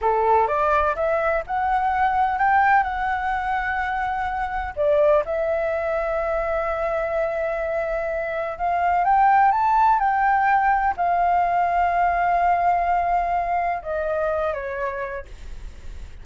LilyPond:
\new Staff \with { instrumentName = "flute" } { \time 4/4 \tempo 4 = 126 a'4 d''4 e''4 fis''4~ | fis''4 g''4 fis''2~ | fis''2 d''4 e''4~ | e''1~ |
e''2 f''4 g''4 | a''4 g''2 f''4~ | f''1~ | f''4 dis''4. cis''4. | }